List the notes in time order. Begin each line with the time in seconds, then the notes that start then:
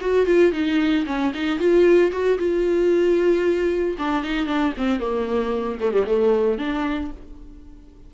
0.00 F#4
0.26 F4
0.52 D#4
1.06 C#4
1.34 D#4
1.59 F4
2.11 F#4
2.38 F4
3.98 D4
4.23 D#4
4.46 D4
4.77 C4
4.99 A#3
5.80 A3
5.92 G3
6.06 A3
6.58 D4